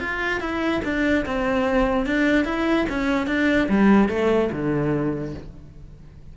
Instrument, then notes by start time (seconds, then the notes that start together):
cello
0.00 F4
0.40 E4
0.84 D4
1.25 C4
2.06 D4
2.45 E4
2.89 C#4
3.27 D4
3.69 G3
4.09 A3
4.52 D3